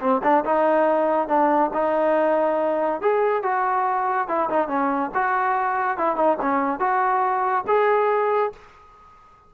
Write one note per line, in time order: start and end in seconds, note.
0.00 0.21 C4
0.23 0.44 D4
0.44 1.28 D#4
1.28 1.70 D4
1.74 3.01 D#4
3.01 3.43 G#4
3.43 4.28 F#4
4.28 4.49 E4
4.49 4.68 D#4
4.68 5.10 C#4
5.14 5.97 F#4
5.97 6.16 E4
6.16 6.37 D#4
6.41 6.79 C#4
6.79 7.65 F#4
7.67 8.52 G#4